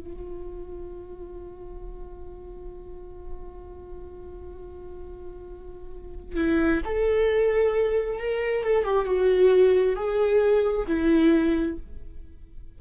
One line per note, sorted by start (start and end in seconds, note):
0.00 6.36 F4
6.36 6.81 E4
6.85 8.19 A4
8.19 8.64 A#4
8.64 8.84 A4
8.84 9.05 G4
9.05 9.96 F#4
9.96 10.87 G#4
10.87 11.78 E4